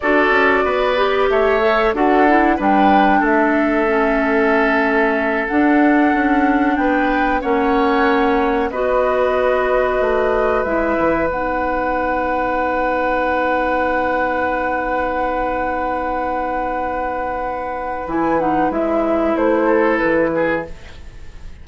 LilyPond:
<<
  \new Staff \with { instrumentName = "flute" } { \time 4/4 \tempo 4 = 93 d''2 e''4 fis''4 | g''4 e''2.~ | e''8 fis''2 g''4 fis''8~ | fis''4. dis''2~ dis''8~ |
dis''8 e''4 fis''2~ fis''8~ | fis''1~ | fis''1 | gis''8 fis''8 e''4 c''4 b'4 | }
  \new Staff \with { instrumentName = "oboe" } { \time 4/4 a'4 b'4 cis''4 a'4 | b'4 a'2.~ | a'2~ a'8 b'4 cis''8~ | cis''4. b'2~ b'8~ |
b'1~ | b'1~ | b'1~ | b'2~ b'8 a'4 gis'8 | }
  \new Staff \with { instrumentName = "clarinet" } { \time 4/4 fis'4. g'4 a'8 fis'8 e'8 | d'2 cis'2~ | cis'8 d'2. cis'8~ | cis'4. fis'2~ fis'8~ |
fis'8 e'4 dis'2~ dis'8~ | dis'1~ | dis'1 | e'8 dis'8 e'2. | }
  \new Staff \with { instrumentName = "bassoon" } { \time 4/4 d'8 cis'8 b4 a4 d'4 | g4 a2.~ | a8 d'4 cis'4 b4 ais8~ | ais4. b2 a8~ |
a8 gis8 e8 b2~ b8~ | b1~ | b1 | e4 gis4 a4 e4 | }
>>